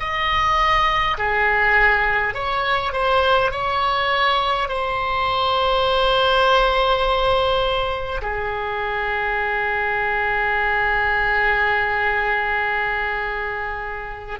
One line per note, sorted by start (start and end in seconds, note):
0.00 1.18 D#5
1.18 2.34 G#4
2.34 2.93 C#5
2.93 3.51 C5
3.51 4.68 C#5
4.68 8.21 C5
8.22 14.40 G#4